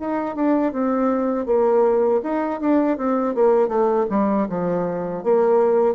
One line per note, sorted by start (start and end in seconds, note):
0.00 0.35 D#4
0.35 0.72 D4
0.72 1.46 C4
1.46 2.21 A#3
2.23 2.60 D#4
2.60 2.98 D4
2.98 3.35 C4
3.35 3.69 A#3
3.69 4.06 A3
4.10 4.48 G3
4.49 5.24 F3
5.24 5.95 A#3